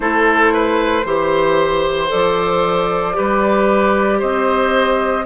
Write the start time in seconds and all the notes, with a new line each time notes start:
0.00 A3 E4 A4 C5
0.53 B4
1.04 E3 G4 C5
2.08 F3 A4 D5
3.13 G3 G4 B4
4.18 C4 C5 D#5